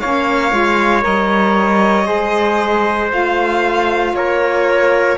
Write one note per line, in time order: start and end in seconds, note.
0.00 0.52 A#3
0.00 0.51 C#4
0.00 2.07 C#5
0.00 1.03 F5
0.51 1.03 G#3
0.51 1.02 F4
1.02 2.08 G3
1.02 2.04 A#4
1.02 3.12 D#5
2.04 3.12 G#3
2.04 3.07 G#4
2.04 4.14 C5
3.11 4.13 A3
3.11 5.17 F4
3.11 4.15 F5
4.13 5.17 A#3
4.13 5.18 A#4
4.13 5.18 C#5